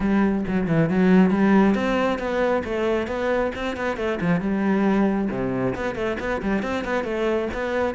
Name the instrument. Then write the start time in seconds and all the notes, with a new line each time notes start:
cello
0.00 G3
0.47 F#3
0.67 E3
0.89 F#3
1.30 G3
1.74 C4
2.18 B3
2.64 A3
3.07 B3
3.55 C4
3.76 B3
3.96 A3
4.20 F3
4.40 G3
5.30 C3
5.75 B3
5.95 A3
6.19 B3
6.42 G3
6.62 C4
6.84 B3
7.04 A3
7.53 B3